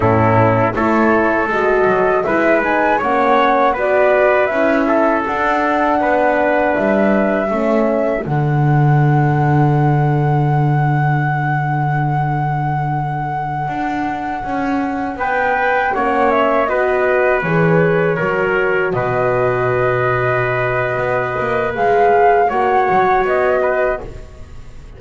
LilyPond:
<<
  \new Staff \with { instrumentName = "flute" } { \time 4/4 \tempo 4 = 80 a'4 cis''4 dis''4 e''8 gis''8 | fis''4 d''4 e''4 fis''4~ | fis''4 e''2 fis''4~ | fis''1~ |
fis''1~ | fis''16 g''4 fis''8 e''8 dis''4 cis''8.~ | cis''4~ cis''16 dis''2~ dis''8.~ | dis''4 f''4 fis''4 dis''4 | }
  \new Staff \with { instrumentName = "trumpet" } { \time 4/4 e'4 a'2 b'4 | cis''4 b'4. a'4. | b'2 a'2~ | a'1~ |
a'1~ | a'16 b'4 cis''4 b'4.~ b'16~ | b'16 ais'4 b'2~ b'8.~ | b'2 cis''4. b'8 | }
  \new Staff \with { instrumentName = "horn" } { \time 4/4 cis'4 e'4 fis'4 e'8 dis'8 | cis'4 fis'4 e'4 d'4~ | d'2 cis'4 d'4~ | d'1~ |
d'1~ | d'4~ d'16 cis'4 fis'4 gis'8.~ | gis'16 fis'2.~ fis'8.~ | fis'4 gis'4 fis'2 | }
  \new Staff \with { instrumentName = "double bass" } { \time 4/4 a,4 a4 gis8 fis8 gis4 | ais4 b4 cis'4 d'4 | b4 g4 a4 d4~ | d1~ |
d2~ d16 d'4 cis'8.~ | cis'16 b4 ais4 b4 e8.~ | e16 fis4 b,2~ b,8. | b8 ais8 gis4 ais8 fis8 b4 | }
>>